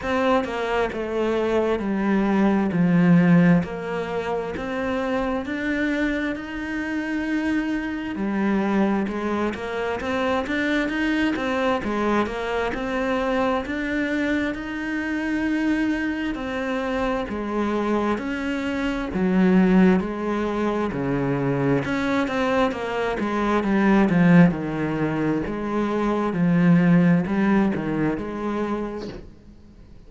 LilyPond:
\new Staff \with { instrumentName = "cello" } { \time 4/4 \tempo 4 = 66 c'8 ais8 a4 g4 f4 | ais4 c'4 d'4 dis'4~ | dis'4 g4 gis8 ais8 c'8 d'8 | dis'8 c'8 gis8 ais8 c'4 d'4 |
dis'2 c'4 gis4 | cis'4 fis4 gis4 cis4 | cis'8 c'8 ais8 gis8 g8 f8 dis4 | gis4 f4 g8 dis8 gis4 | }